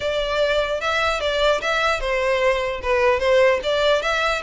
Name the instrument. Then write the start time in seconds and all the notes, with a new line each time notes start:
violin
0.00 D5
0.80 E5
1.20 D5
1.61 E5
2.00 C5
2.82 B4
3.19 C5
3.63 D5
4.02 E5